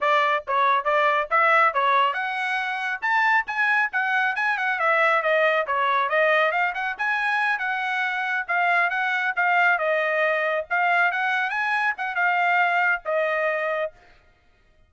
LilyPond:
\new Staff \with { instrumentName = "trumpet" } { \time 4/4 \tempo 4 = 138 d''4 cis''4 d''4 e''4 | cis''4 fis''2 a''4 | gis''4 fis''4 gis''8 fis''8 e''4 | dis''4 cis''4 dis''4 f''8 fis''8 |
gis''4. fis''2 f''8~ | f''8 fis''4 f''4 dis''4.~ | dis''8 f''4 fis''4 gis''4 fis''8 | f''2 dis''2 | }